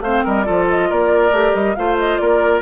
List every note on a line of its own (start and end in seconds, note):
0.00 0.22 A3
0.00 0.45 C4
0.00 0.24 C5
0.00 0.24 F5
0.24 0.48 G3
0.24 0.46 A#4
0.24 0.43 D#5
0.43 0.91 F3
0.43 1.31 F4
0.43 0.89 A4
0.43 0.64 D5
0.70 0.91 D#5
0.89 1.31 A#3
0.89 1.76 A#4
0.89 1.55 D5
1.31 1.53 A3
1.31 1.76 G4
1.54 1.76 G3
1.54 1.75 D#5
1.75 2.20 A3
1.75 2.62 F4
1.75 2.21 C5
1.75 1.97 F5
1.98 2.17 D#5
2.17 2.62 A#3
2.17 2.62 A#4
2.17 2.60 D5